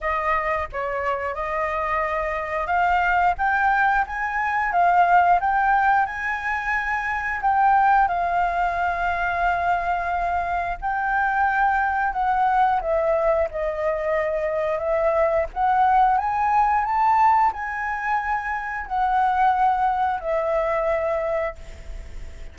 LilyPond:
\new Staff \with { instrumentName = "flute" } { \time 4/4 \tempo 4 = 89 dis''4 cis''4 dis''2 | f''4 g''4 gis''4 f''4 | g''4 gis''2 g''4 | f''1 |
g''2 fis''4 e''4 | dis''2 e''4 fis''4 | gis''4 a''4 gis''2 | fis''2 e''2 | }